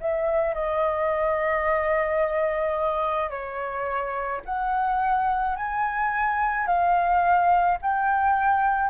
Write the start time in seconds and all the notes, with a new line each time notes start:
0.00 E5
0.54 D#5
3.30 C#5
4.45 F#5
5.56 G#5
6.67 F5
7.82 G5